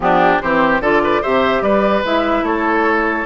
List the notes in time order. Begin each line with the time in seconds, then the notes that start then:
0.00 F3 B3 D4 G4
0.41 E3 C4 G4 C5
0.79 D3 F4 A4 D5
1.03 B4
1.21 C3 G4 C5 E5
1.61 G3 B4 D5
2.04 G#3 E4 E5
2.42 A3 A4 C#5